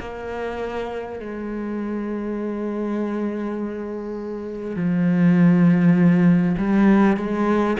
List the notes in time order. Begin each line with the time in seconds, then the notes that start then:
0.00 A#3
1.20 G#3
4.76 F3
6.57 G3
7.17 G#3